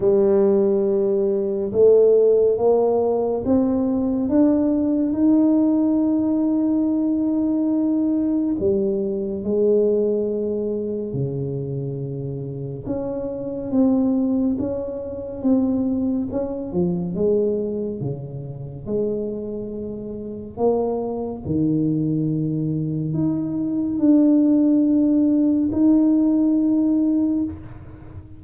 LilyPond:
\new Staff \with { instrumentName = "tuba" } { \time 4/4 \tempo 4 = 70 g2 a4 ais4 | c'4 d'4 dis'2~ | dis'2 g4 gis4~ | gis4 cis2 cis'4 |
c'4 cis'4 c'4 cis'8 f8 | gis4 cis4 gis2 | ais4 dis2 dis'4 | d'2 dis'2 | }